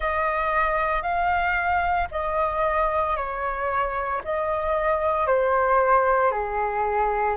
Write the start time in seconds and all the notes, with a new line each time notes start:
0.00 D#5
1.02 F5
2.11 D#5
3.16 C#5
4.24 D#5
5.26 C5
6.31 G#4